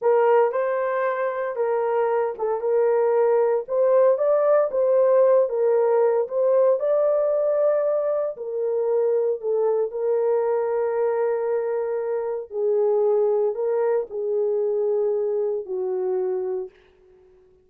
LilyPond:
\new Staff \with { instrumentName = "horn" } { \time 4/4 \tempo 4 = 115 ais'4 c''2 ais'4~ | ais'8 a'8 ais'2 c''4 | d''4 c''4. ais'4. | c''4 d''2. |
ais'2 a'4 ais'4~ | ais'1 | gis'2 ais'4 gis'4~ | gis'2 fis'2 | }